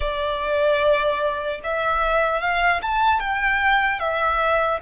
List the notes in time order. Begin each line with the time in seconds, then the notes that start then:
0.00 D5
1.63 E5
2.40 F5
2.82 A5
3.20 G5
3.99 E5